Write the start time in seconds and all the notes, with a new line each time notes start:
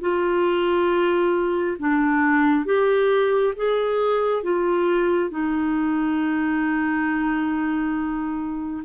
0.00 F4
1.78 D4
2.65 G4
3.56 G#4
4.43 F4
5.30 D#4